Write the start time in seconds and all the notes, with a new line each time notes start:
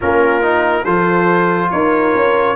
0.01 A#3 C#4 F4 A#4
0.42 D#4
0.83 F3 F4 A4 C5
1.71 D#4 A#4 C#5
2.14 C#4